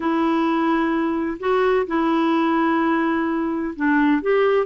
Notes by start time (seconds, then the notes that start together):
0.00 E4
1.39 F#4
1.86 E4
3.75 D4
4.21 G4